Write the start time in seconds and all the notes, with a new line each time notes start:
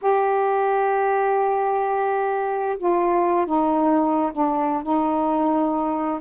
0.01 G4
2.78 F4
3.45 D#4
4.32 D4
4.82 D#4